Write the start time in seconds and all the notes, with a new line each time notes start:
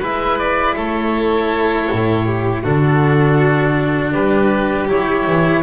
0.00 G#3 E4 B4 E5
0.38 D5
0.76 A3 A4 C#5
1.92 A2
2.25 G4
2.63 D3 D4 F#4 A4
4.12 G3 G4 B4
4.87 F#3 E4 C#5
5.27 E3